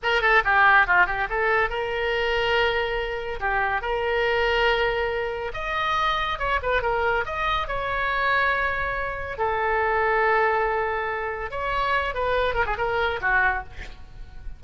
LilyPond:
\new Staff \with { instrumentName = "oboe" } { \time 4/4 \tempo 4 = 141 ais'8 a'8 g'4 f'8 g'8 a'4 | ais'1 | g'4 ais'2.~ | ais'4 dis''2 cis''8 b'8 |
ais'4 dis''4 cis''2~ | cis''2 a'2~ | a'2. cis''4~ | cis''8 b'4 ais'16 gis'16 ais'4 fis'4 | }